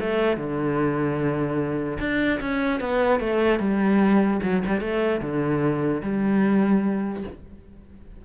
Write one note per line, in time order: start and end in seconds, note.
0.00 0.37 A3
0.37 1.98 D3
1.99 2.40 D4
2.40 2.80 C#4
2.80 3.20 B3
3.20 3.59 A3
3.59 4.40 G3
4.42 4.63 F#3
4.66 4.81 G3
4.81 5.21 A3
5.21 6.02 D3
6.03 7.24 G3